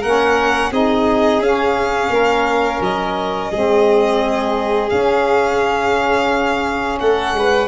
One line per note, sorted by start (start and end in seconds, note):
0.00 0.71 A#3
0.00 0.72 C#4
0.00 0.70 A#4
0.00 0.72 F#5
0.71 1.39 C4
0.71 1.42 D#4
0.71 2.11 G#4
0.71 1.42 D#5
1.39 2.08 C#4
1.39 3.52 C#4
1.39 2.82 F5
2.09 2.79 A#3
2.09 3.51 A#4
2.80 3.50 F#3
2.80 4.89 D#5
3.51 4.91 G#3
3.51 4.89 C4
3.51 7.00 G#4
4.89 7.68 C#4
4.89 7.00 C#4
4.89 6.98 F5
6.99 7.33 A3
6.99 7.36 A4
6.99 7.68 F#5
7.33 7.68 G#3
7.33 7.68 B4